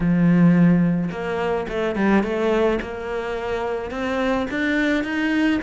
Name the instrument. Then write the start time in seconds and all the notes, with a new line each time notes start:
cello
0.00 F3
1.11 A#3
1.68 A3
1.95 G3
2.23 A3
2.81 A#3
3.90 C4
4.50 D4
5.04 D#4